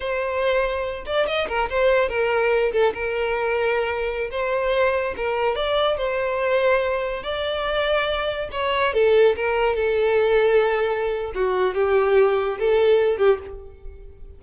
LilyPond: \new Staff \with { instrumentName = "violin" } { \time 4/4 \tempo 4 = 143 c''2~ c''8 d''8 dis''8 ais'8 | c''4 ais'4. a'8 ais'4~ | ais'2~ ais'16 c''4.~ c''16~ | c''16 ais'4 d''4 c''4.~ c''16~ |
c''4~ c''16 d''2~ d''8.~ | d''16 cis''4 a'4 ais'4 a'8.~ | a'2. fis'4 | g'2 a'4. g'8 | }